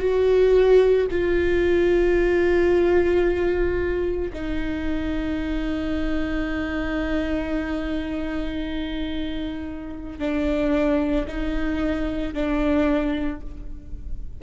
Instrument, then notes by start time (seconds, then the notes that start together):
viola
0.00 F#4
1.11 F4
4.33 D#4
10.19 D4
11.27 D#4
12.34 D4